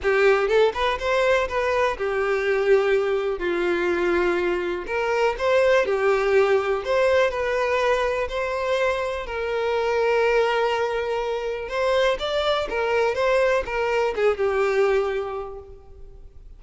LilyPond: \new Staff \with { instrumentName = "violin" } { \time 4/4 \tempo 4 = 123 g'4 a'8 b'8 c''4 b'4 | g'2. f'4~ | f'2 ais'4 c''4 | g'2 c''4 b'4~ |
b'4 c''2 ais'4~ | ais'1 | c''4 d''4 ais'4 c''4 | ais'4 gis'8 g'2~ g'8 | }